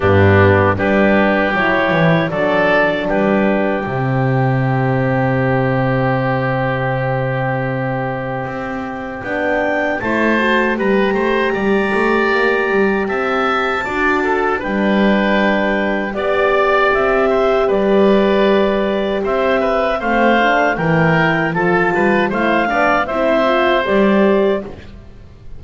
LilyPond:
<<
  \new Staff \with { instrumentName = "clarinet" } { \time 4/4 \tempo 4 = 78 g'4 b'4 cis''4 d''4 | b'4 e''2.~ | e''1 | g''4 a''4 ais''2~ |
ais''4 a''2 g''4~ | g''4 d''4 e''4 d''4~ | d''4 e''4 f''4 g''4 | a''4 f''4 e''4 d''4 | }
  \new Staff \with { instrumentName = "oboe" } { \time 4/4 d'4 g'2 a'4 | g'1~ | g'1~ | g'4 c''4 b'8 c''8 d''4~ |
d''4 e''4 d''8 a'8 b'4~ | b'4 d''4. c''8 b'4~ | b'4 c''8 b'8 c''4 ais'4 | a'8 b'8 c''8 d''8 c''2 | }
  \new Staff \with { instrumentName = "horn" } { \time 4/4 b4 d'4 e'4 d'4~ | d'4 c'2.~ | c'1 | d'4 e'8 fis'8 g'2~ |
g'2 fis'4 d'4~ | d'4 g'2.~ | g'2 c'8 d'8 e'4 | f'4 e'8 d'8 e'8 f'8 g'4 | }
  \new Staff \with { instrumentName = "double bass" } { \time 4/4 g,4 g4 fis8 e8 fis4 | g4 c2.~ | c2. c'4 | b4 a4 g8 a8 g8 a8 |
ais8 g8 c'4 d'4 g4~ | g4 b4 c'4 g4~ | g4 c'4 a4 e4 | f8 g8 a8 b8 c'4 g4 | }
>>